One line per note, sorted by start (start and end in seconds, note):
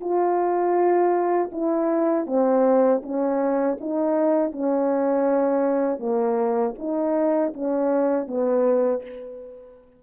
0.00 1.50 F4
1.52 2.26 E4
2.26 3.01 C4
3.02 3.77 C#4
3.80 4.52 D#4
4.52 5.99 C#4
5.99 6.74 A#3
6.78 7.53 D#4
7.53 8.27 C#4
8.27 9.02 B3